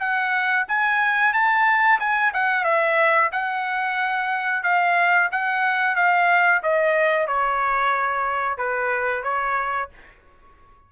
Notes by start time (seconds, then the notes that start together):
0.00 F#5
0.69 G#5
1.34 A5
2.00 G#5
2.34 F#5
2.65 E5
3.33 F#5
4.64 F5
5.32 F#5
5.96 F5
6.64 D#5
7.28 C#5
8.58 B4
9.24 C#5